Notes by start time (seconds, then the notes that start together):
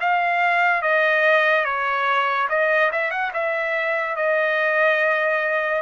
0.00 F5
0.82 D#5
1.64 C#5
2.49 D#5
2.92 E5
3.11 F#5
3.33 E5
4.16 D#5